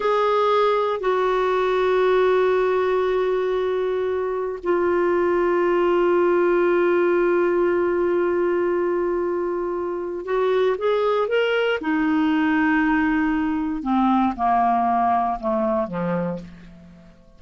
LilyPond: \new Staff \with { instrumentName = "clarinet" } { \time 4/4 \tempo 4 = 117 gis'2 fis'2~ | fis'1~ | fis'4 f'2.~ | f'1~ |
f'1 | fis'4 gis'4 ais'4 dis'4~ | dis'2. c'4 | ais2 a4 f4 | }